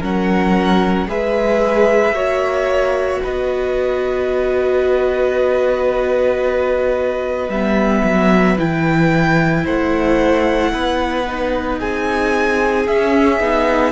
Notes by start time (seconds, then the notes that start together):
0.00 F#3 C#4 A#4 F#5
1.06 G#3 G#4 B4 E5
2.12 A#3 F#4 C#5
3.23 B3 B4 D#5
7.48 G3 B3 E5
8.04 F#3
8.58 E3 E4 G5
9.64 A3 C5 F#5
10.73 B3 B4
11.26 D#4
11.79 C4 G#4 G#5
12.87 C#4 E5
13.40 B3 D#4